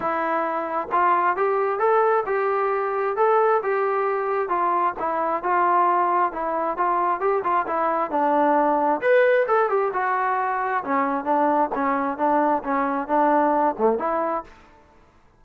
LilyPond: \new Staff \with { instrumentName = "trombone" } { \time 4/4 \tempo 4 = 133 e'2 f'4 g'4 | a'4 g'2 a'4 | g'2 f'4 e'4 | f'2 e'4 f'4 |
g'8 f'8 e'4 d'2 | b'4 a'8 g'8 fis'2 | cis'4 d'4 cis'4 d'4 | cis'4 d'4. a8 e'4 | }